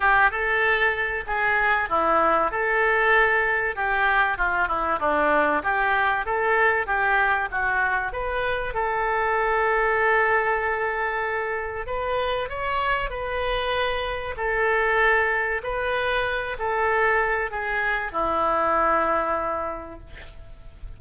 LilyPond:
\new Staff \with { instrumentName = "oboe" } { \time 4/4 \tempo 4 = 96 g'8 a'4. gis'4 e'4 | a'2 g'4 f'8 e'8 | d'4 g'4 a'4 g'4 | fis'4 b'4 a'2~ |
a'2. b'4 | cis''4 b'2 a'4~ | a'4 b'4. a'4. | gis'4 e'2. | }